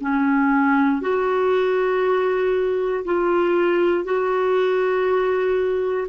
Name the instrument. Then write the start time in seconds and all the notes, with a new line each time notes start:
clarinet
0.00 C#4
1.01 F#4
3.05 F4
4.04 F#4